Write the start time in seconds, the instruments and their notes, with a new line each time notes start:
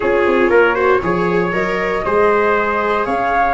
0.00 tuba C#4, viola F4, trumpet G#4, flute C#5
0.26 tuba C4
0.49 tuba A#3, trumpet A#4
0.74 viola F#4, trumpet C5
1.02 tuba F3, viola G#4, trumpet C#5
1.52 tuba F#3, viola A#4, flute D#5
2.04 tuba G#3, viola G#4, trumpet C5
3.05 tuba C#4, trumpet C#5, flute F5